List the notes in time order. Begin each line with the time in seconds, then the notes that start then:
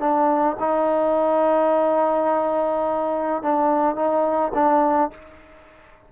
0.00 D4
0.60 D#4
3.43 D4
3.96 D#4
4.54 D4